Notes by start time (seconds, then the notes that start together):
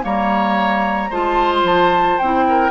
0.00 G3 A#3 C#5 A#5
1.10 G#3 F4 C5 A5
1.53 C6
1.63 F3 A5
2.18 C4 E4 G5
2.48 A#4